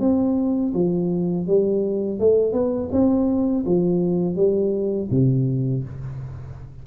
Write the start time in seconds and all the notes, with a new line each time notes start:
0.00 C4
0.74 F3
1.47 G3
2.20 A3
2.53 B3
2.92 C4
3.66 F3
4.36 G3
5.11 C3